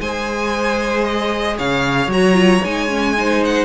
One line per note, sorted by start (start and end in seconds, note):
0.00 1.58 G#3
0.00 2.12 G#4
0.00 1.57 C5
0.00 1.04 G#5
1.04 1.57 D#5
1.57 2.07 C#3
1.57 3.15 C#5
1.57 2.11 F5
2.07 2.60 F#3
2.07 2.34 F#4
2.07 2.65 A#5
2.34 2.60 F4
2.65 3.65 G#3
2.65 2.89 D#4
2.65 3.44 G#5
2.89 3.15 C#4
3.18 3.65 D#4
3.18 3.65 C5
3.45 3.65 F#5